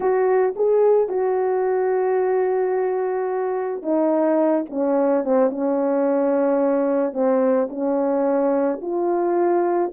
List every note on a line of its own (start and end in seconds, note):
0.00 0.54 F#4
0.56 1.08 G#4
1.08 3.82 F#4
3.82 4.65 D#4
4.69 5.24 C#4
5.24 5.50 C4
5.50 7.13 C#4
7.13 7.68 C4
7.70 8.80 C#4
8.81 9.91 F4